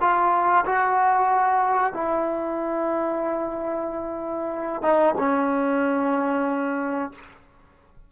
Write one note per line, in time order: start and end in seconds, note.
0.00 0.65 F4
0.65 1.93 F#4
1.93 4.82 E4
4.82 5.14 D#4
5.18 7.11 C#4